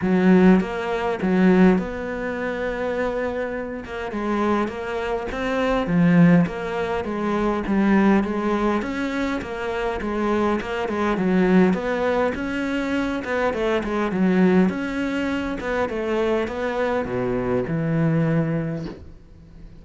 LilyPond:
\new Staff \with { instrumentName = "cello" } { \time 4/4 \tempo 4 = 102 fis4 ais4 fis4 b4~ | b2~ b8 ais8 gis4 | ais4 c'4 f4 ais4 | gis4 g4 gis4 cis'4 |
ais4 gis4 ais8 gis8 fis4 | b4 cis'4. b8 a8 gis8 | fis4 cis'4. b8 a4 | b4 b,4 e2 | }